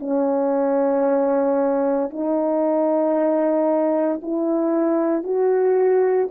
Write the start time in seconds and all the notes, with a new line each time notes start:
0.00 C#4
2.11 D#4
4.22 E4
5.24 F#4